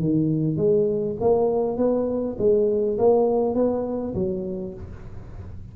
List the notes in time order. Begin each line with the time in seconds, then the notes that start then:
0.00 D#3
0.56 G#3
1.20 A#3
1.77 B3
2.38 G#3
2.98 A#3
3.55 B3
4.14 F#3